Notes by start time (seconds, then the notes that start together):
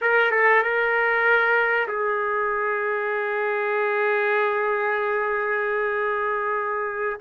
0.01 A#4
0.31 A4
0.62 A#4
1.88 G#4